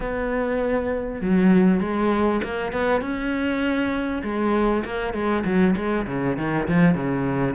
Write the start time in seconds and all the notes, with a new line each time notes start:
0.00 B3
1.21 F#3
1.80 G#3
2.43 A#3
2.72 B3
3.01 C#4
4.23 G#3
4.84 A#3
5.13 G#3
5.44 F#3
5.76 G#3
6.07 C#3
6.37 D#3
6.68 F3
6.94 C#3